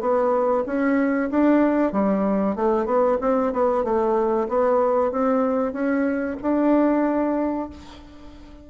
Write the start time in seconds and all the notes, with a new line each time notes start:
0.00 B3
0.66 C#4
1.30 D4
1.92 G3
2.55 A3
2.85 B3
3.20 C4
3.53 B3
3.84 A3
4.48 B3
5.11 C4
5.72 C#4
6.41 D4